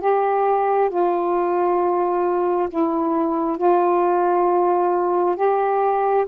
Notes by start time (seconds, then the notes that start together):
0.00 G4
0.89 F4
2.69 E4
3.57 F4
5.35 G4